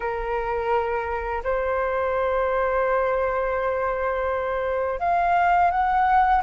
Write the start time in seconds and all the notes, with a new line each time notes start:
0.00 A#4
1.43 C5
4.99 F5
5.70 F#5